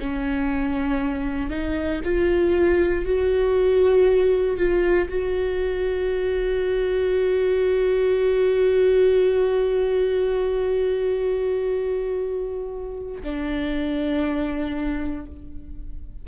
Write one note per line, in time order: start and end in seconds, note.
0.00 1.50 C#4
1.50 2.01 D#4
2.04 3.06 F4
3.06 4.58 F#4
4.58 5.08 F4
5.09 13.22 F#4
13.22 15.26 D4